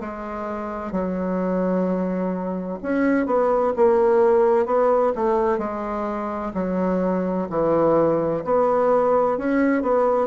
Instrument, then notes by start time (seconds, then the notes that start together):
bassoon
0.00 G#3
0.92 F#3
2.83 C#4
3.26 B3
3.76 A#3
4.66 B3
5.15 A3
5.58 G#3
6.54 F#3
7.50 E3
8.45 B3
9.37 C#4
9.82 B3